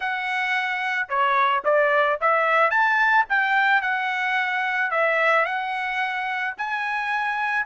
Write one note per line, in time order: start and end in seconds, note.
0.00 1.08 F#5
1.08 1.63 C#5
1.64 2.19 D5
2.20 2.70 E5
2.70 3.25 A5
3.29 3.81 G5
3.81 4.90 F#5
4.91 5.45 E5
5.45 6.54 F#5
6.57 7.65 G#5